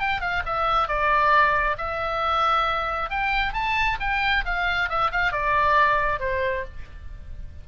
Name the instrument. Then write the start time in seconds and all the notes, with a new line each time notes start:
oboe
0.00 G5
0.21 F5
0.46 E5
0.88 D5
1.78 E5
3.10 G5
3.54 A5
4.00 G5
4.45 F5
4.89 E5
5.12 F5
5.32 D5
6.20 C5